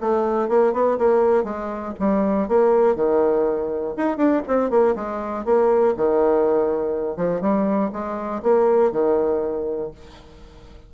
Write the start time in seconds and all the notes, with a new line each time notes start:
0.00 A3
0.48 A#3
0.73 B3
0.98 A#3
1.44 G#3
1.99 G3
2.48 A#3
2.95 D#3
3.97 D#4
4.17 D4
4.47 C4
4.70 A#3
4.95 G#3
5.45 A#3
5.96 D#3
7.16 F3
7.41 G3
7.92 G#3
8.42 A#3
8.92 D#3